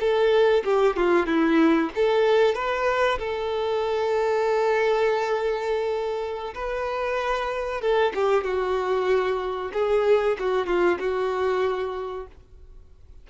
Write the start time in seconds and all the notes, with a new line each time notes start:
0.00 A4
0.64 G4
0.96 F4
1.26 E4
1.95 A4
2.55 B4
3.19 A4
6.55 B4
7.81 A4
8.15 G4
8.44 F#4
9.73 G#4
10.39 F#4
10.67 F4
10.99 F#4